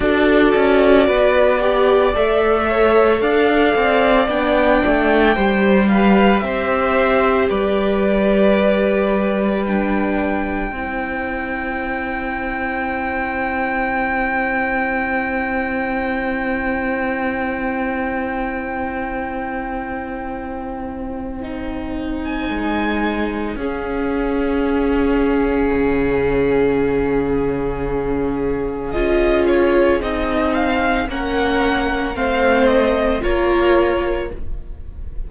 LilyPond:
<<
  \new Staff \with { instrumentName = "violin" } { \time 4/4 \tempo 4 = 56 d''2 e''4 f''4 | g''4. f''8 e''4 d''4~ | d''4 g''2.~ | g''1~ |
g''1~ | g''8. gis''4~ gis''16 f''2~ | f''2. dis''8 cis''8 | dis''8 f''8 fis''4 f''8 dis''8 cis''4 | }
  \new Staff \with { instrumentName = "violin" } { \time 4/4 a'4 b'8 d''4 cis''8 d''4~ | d''4 c''8 b'8 c''4 b'4~ | b'2 c''2~ | c''1~ |
c''1~ | c''2 gis'2~ | gis'1~ | gis'4 ais'4 c''4 ais'4 | }
  \new Staff \with { instrumentName = "viola" } { \time 4/4 fis'4. g'8 a'2 | d'4 g'2.~ | g'4 d'4 e'2~ | e'1~ |
e'1 | dis'2 cis'2~ | cis'2. f'4 | dis'4 cis'4 c'4 f'4 | }
  \new Staff \with { instrumentName = "cello" } { \time 4/4 d'8 cis'8 b4 a4 d'8 c'8 | b8 a8 g4 c'4 g4~ | g2 c'2~ | c'1~ |
c'1~ | c'4 gis4 cis'2 | cis2. cis'4 | c'4 ais4 a4 ais4 | }
>>